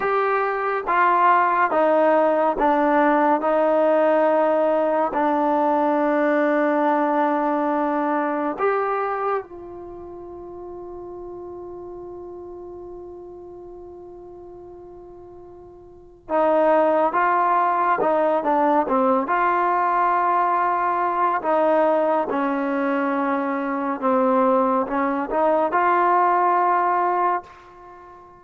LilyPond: \new Staff \with { instrumentName = "trombone" } { \time 4/4 \tempo 4 = 70 g'4 f'4 dis'4 d'4 | dis'2 d'2~ | d'2 g'4 f'4~ | f'1~ |
f'2. dis'4 | f'4 dis'8 d'8 c'8 f'4.~ | f'4 dis'4 cis'2 | c'4 cis'8 dis'8 f'2 | }